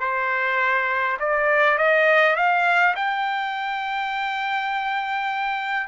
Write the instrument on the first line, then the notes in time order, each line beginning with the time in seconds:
trumpet
0.00 C5
1.20 D5
1.78 D#5
2.36 F5
2.96 G5